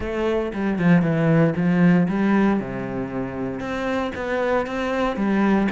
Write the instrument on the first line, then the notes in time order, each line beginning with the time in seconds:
cello
0.00 A3
0.53 G3
0.79 F3
1.02 E3
1.55 F3
2.08 G3
2.60 C3
3.59 C4
4.15 B3
4.66 C4
5.16 G3